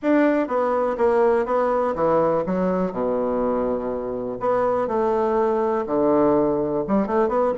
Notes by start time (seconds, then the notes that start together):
0.02 D4
0.47 B3
0.97 A#3
1.45 B3
1.95 E3
2.45 F#3
2.92 B2
4.39 B3
4.87 A3
5.86 D3
6.87 G3
7.06 A3
7.28 B3